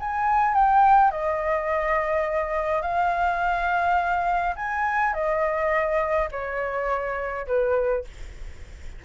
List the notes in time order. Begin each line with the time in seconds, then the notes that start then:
0.00 G#5
0.54 G5
1.11 D#5
2.82 F5
4.56 G#5
5.14 D#5
6.31 C#5
7.47 B4